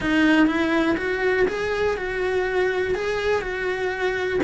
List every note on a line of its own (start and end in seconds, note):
0.00 0.46 D#4
0.46 0.96 E4
0.97 1.46 F#4
1.48 1.96 G#4
1.96 2.94 F#4
2.94 3.41 G#4
3.41 4.39 F#4